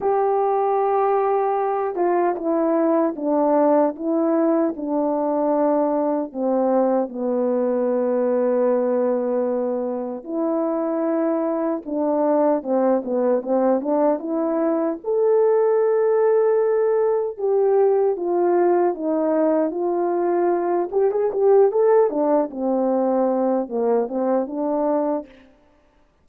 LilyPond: \new Staff \with { instrumentName = "horn" } { \time 4/4 \tempo 4 = 76 g'2~ g'8 f'8 e'4 | d'4 e'4 d'2 | c'4 b2.~ | b4 e'2 d'4 |
c'8 b8 c'8 d'8 e'4 a'4~ | a'2 g'4 f'4 | dis'4 f'4. g'16 gis'16 g'8 a'8 | d'8 c'4. ais8 c'8 d'4 | }